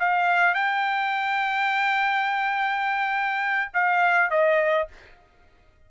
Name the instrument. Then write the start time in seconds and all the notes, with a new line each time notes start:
trumpet
0.00 F5
0.55 G5
3.74 F5
4.31 D#5